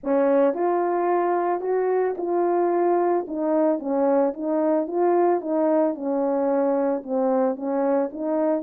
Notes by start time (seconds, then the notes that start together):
0.03 C#4
0.54 F4
1.60 F#4
2.17 F4
3.27 D#4
3.79 C#4
4.33 D#4
4.87 F4
5.40 D#4
5.95 C#4
7.03 C4
7.56 C#4
8.12 D#4